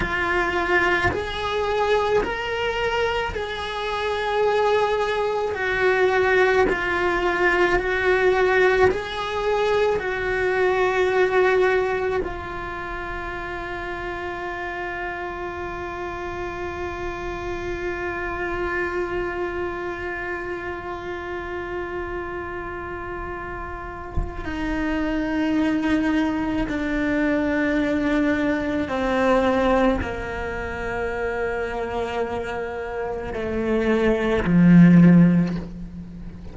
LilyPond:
\new Staff \with { instrumentName = "cello" } { \time 4/4 \tempo 4 = 54 f'4 gis'4 ais'4 gis'4~ | gis'4 fis'4 f'4 fis'4 | gis'4 fis'2 f'4~ | f'1~ |
f'1~ | f'2 dis'2 | d'2 c'4 ais4~ | ais2 a4 f4 | }